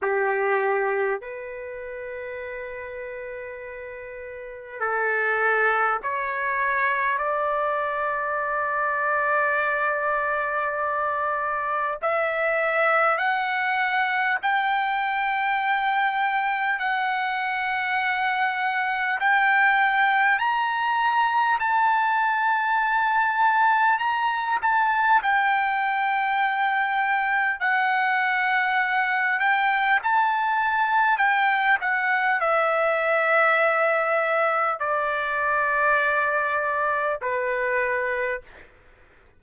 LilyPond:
\new Staff \with { instrumentName = "trumpet" } { \time 4/4 \tempo 4 = 50 g'4 b'2. | a'4 cis''4 d''2~ | d''2 e''4 fis''4 | g''2 fis''2 |
g''4 ais''4 a''2 | ais''8 a''8 g''2 fis''4~ | fis''8 g''8 a''4 g''8 fis''8 e''4~ | e''4 d''2 b'4 | }